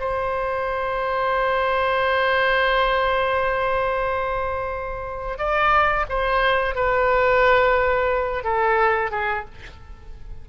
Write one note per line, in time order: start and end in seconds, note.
0.00 5.38 C5
5.38 6.06 D5
6.09 6.75 C5
6.75 8.44 B4
8.44 9.11 A4
9.11 9.45 G#4